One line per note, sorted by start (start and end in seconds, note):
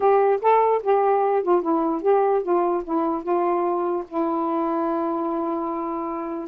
0.00 0.39 G4
0.41 0.82 A4
0.82 1.42 G4
1.42 1.62 F4
1.62 2.02 E4
2.02 2.42 G4
2.42 2.83 F4
2.84 3.22 E4
3.22 4.04 F4
4.07 6.48 E4